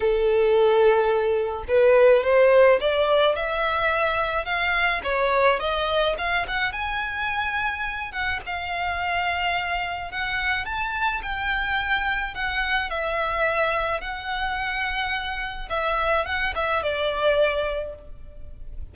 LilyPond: \new Staff \with { instrumentName = "violin" } { \time 4/4 \tempo 4 = 107 a'2. b'4 | c''4 d''4 e''2 | f''4 cis''4 dis''4 f''8 fis''8 | gis''2~ gis''8 fis''8 f''4~ |
f''2 fis''4 a''4 | g''2 fis''4 e''4~ | e''4 fis''2. | e''4 fis''8 e''8 d''2 | }